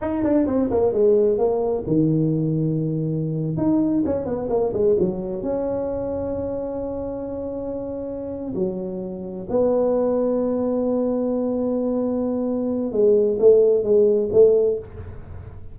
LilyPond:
\new Staff \with { instrumentName = "tuba" } { \time 4/4 \tempo 4 = 130 dis'8 d'8 c'8 ais8 gis4 ais4 | dis2.~ dis8. dis'16~ | dis'8. cis'8 b8 ais8 gis8 fis4 cis'16~ | cis'1~ |
cis'2~ cis'8 fis4.~ | fis8 b2.~ b8~ | b1 | gis4 a4 gis4 a4 | }